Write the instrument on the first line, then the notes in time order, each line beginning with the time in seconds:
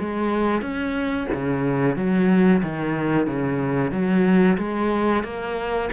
cello
0.00 G#3
0.62 C#4
1.34 C#3
1.97 F#3
2.63 D#3
3.27 C#3
3.92 F#3
4.58 G#3
5.24 A#3